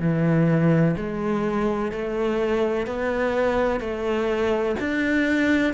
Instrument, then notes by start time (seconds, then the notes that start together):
cello
0.00 E3
0.97 G#3
1.92 A3
2.87 B3
3.81 A3
4.80 D4